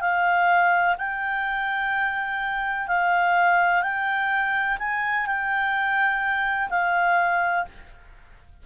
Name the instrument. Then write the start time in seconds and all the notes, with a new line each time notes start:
clarinet
0.00 F5
0.98 G5
2.87 F5
3.82 G5
4.78 G#5
5.26 G5
6.69 F5